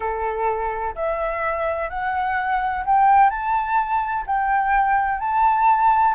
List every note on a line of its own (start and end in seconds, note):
0.00 0.94 A4
0.95 1.89 E5
1.89 2.84 F#5
2.85 3.29 G5
3.29 4.24 A5
4.26 5.19 G5
5.19 6.14 A5